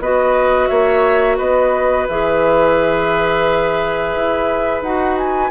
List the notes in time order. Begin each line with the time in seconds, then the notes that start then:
0.00 B3 F#4 B4 D#5
0.68 A#3 C#5 E5
1.38 B3 B4 D#5
2.09 E3 G#4 E5
4.16 E4
4.82 D#4 F#4 F#5
5.18 G#5